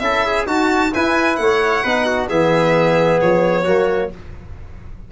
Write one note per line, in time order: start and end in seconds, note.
0.00 0.47 C#4
0.00 0.47 E4
0.00 0.27 A4
0.00 0.45 E5
0.27 0.47 G#4
0.47 0.92 D#4
0.47 0.93 F#4
0.47 0.94 A5
0.94 1.85 E4
0.94 1.39 E4
0.94 1.40 B4
0.94 1.37 G#5
1.37 1.85 A3
1.37 2.28 F#5
1.43 1.84 C#5
1.84 2.31 B3
1.84 2.30 D#4
1.84 2.06 B4
2.06 2.29 F#4
2.29 3.21 E3
2.29 3.66 B3
2.29 3.64 G#4
2.29 3.21 E5
3.21 3.67 F3
3.21 4.12 C#5
3.64 4.12 F#3
3.64 4.11 A#3
3.64 4.10 F#4